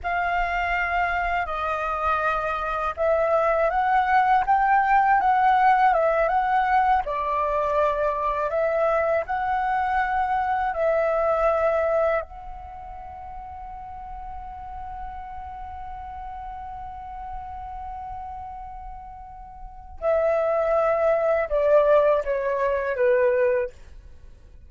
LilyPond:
\new Staff \with { instrumentName = "flute" } { \time 4/4 \tempo 4 = 81 f''2 dis''2 | e''4 fis''4 g''4 fis''4 | e''8 fis''4 d''2 e''8~ | e''8 fis''2 e''4.~ |
e''8 fis''2.~ fis''8~ | fis''1~ | fis''2. e''4~ | e''4 d''4 cis''4 b'4 | }